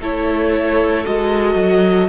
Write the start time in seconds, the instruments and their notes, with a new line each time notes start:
0.00 cello A3, viola E4, violin A4 C#5
1.04 cello G#3, viola F#4, violin D#5
1.54 cello F#3